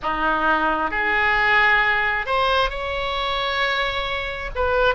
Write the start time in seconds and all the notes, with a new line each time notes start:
0.02 D#4
0.90 G#4
2.26 C5
2.70 C#5
4.55 B4